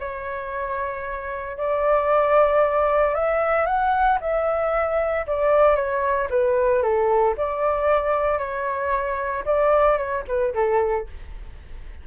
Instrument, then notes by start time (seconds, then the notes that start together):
flute
0.00 C#5
1.58 D5
3.15 E5
3.66 F#5
4.21 E5
5.27 D5
5.76 C#5
6.30 B4
6.83 A4
7.38 D5
8.39 C#5
9.46 D5
9.98 C#5
10.28 B4
10.55 A4